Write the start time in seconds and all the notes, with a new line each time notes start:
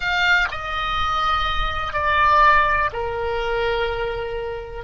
0.00 F5
0.51 D#5
1.93 D5
2.93 A#4